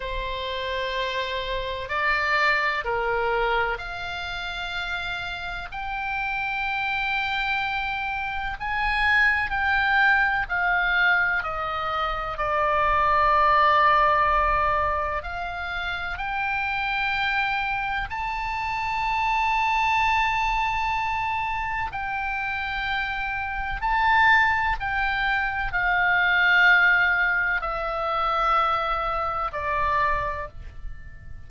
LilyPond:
\new Staff \with { instrumentName = "oboe" } { \time 4/4 \tempo 4 = 63 c''2 d''4 ais'4 | f''2 g''2~ | g''4 gis''4 g''4 f''4 | dis''4 d''2. |
f''4 g''2 a''4~ | a''2. g''4~ | g''4 a''4 g''4 f''4~ | f''4 e''2 d''4 | }